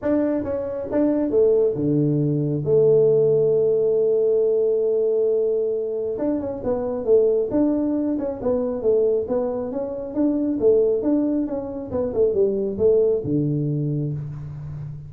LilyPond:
\new Staff \with { instrumentName = "tuba" } { \time 4/4 \tempo 4 = 136 d'4 cis'4 d'4 a4 | d2 a2~ | a1~ | a2 d'8 cis'8 b4 |
a4 d'4. cis'8 b4 | a4 b4 cis'4 d'4 | a4 d'4 cis'4 b8 a8 | g4 a4 d2 | }